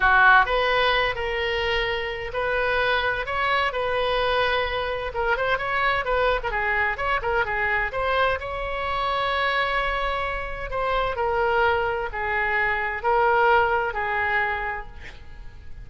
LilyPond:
\new Staff \with { instrumentName = "oboe" } { \time 4/4 \tempo 4 = 129 fis'4 b'4. ais'4.~ | ais'4 b'2 cis''4 | b'2. ais'8 c''8 | cis''4 b'8. ais'16 gis'4 cis''8 ais'8 |
gis'4 c''4 cis''2~ | cis''2. c''4 | ais'2 gis'2 | ais'2 gis'2 | }